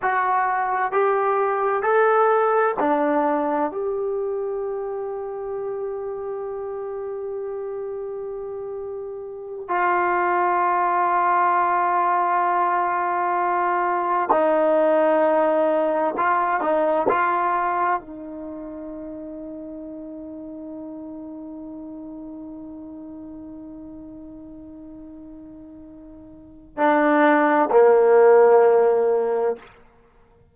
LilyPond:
\new Staff \with { instrumentName = "trombone" } { \time 4/4 \tempo 4 = 65 fis'4 g'4 a'4 d'4 | g'1~ | g'2~ g'8 f'4.~ | f'2.~ f'8 dis'8~ |
dis'4. f'8 dis'8 f'4 dis'8~ | dis'1~ | dis'1~ | dis'4 d'4 ais2 | }